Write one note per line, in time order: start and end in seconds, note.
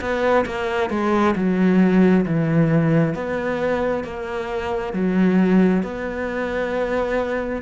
0.00 0.45 B3
0.45 0.90 A#3
0.90 1.34 G#3
1.35 2.25 F#3
2.25 3.14 E3
3.14 4.03 B3
4.04 4.93 A#3
4.93 5.82 F#3
5.82 7.61 B3